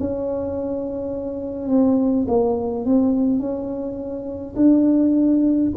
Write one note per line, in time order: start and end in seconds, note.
0.00 1.69 C#4
1.69 2.27 C4
2.28 2.85 A#3
2.85 3.40 C4
3.40 4.55 C#4
4.56 5.72 D4